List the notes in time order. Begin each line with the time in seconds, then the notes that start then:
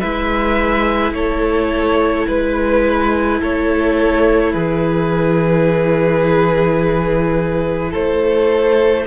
0.00 G#3 E4 B4 E5
1.12 A3 A4 C#5
2.27 G#3 B4
3.41 A3 A4 C#5
4.53 E3 G#4 B4
7.91 A3 A4 C5